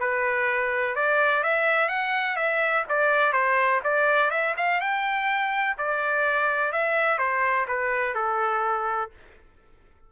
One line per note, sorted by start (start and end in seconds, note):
0.00 0.96 B4
0.96 1.44 D5
1.44 1.89 E5
1.89 2.37 F#5
2.37 2.85 E5
2.89 3.33 D5
3.33 3.81 C5
3.84 4.30 D5
4.30 4.54 E5
4.57 4.81 F5
4.81 5.77 G5
5.78 6.72 D5
6.72 7.18 E5
7.18 7.66 C5
7.68 8.14 B4
8.14 9.10 A4